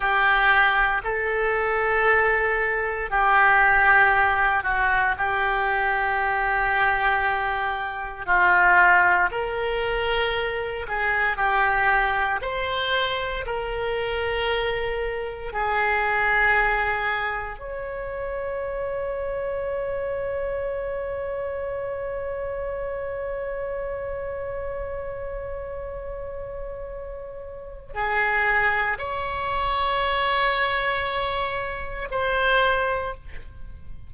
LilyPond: \new Staff \with { instrumentName = "oboe" } { \time 4/4 \tempo 4 = 58 g'4 a'2 g'4~ | g'8 fis'8 g'2. | f'4 ais'4. gis'8 g'4 | c''4 ais'2 gis'4~ |
gis'4 cis''2.~ | cis''1~ | cis''2. gis'4 | cis''2. c''4 | }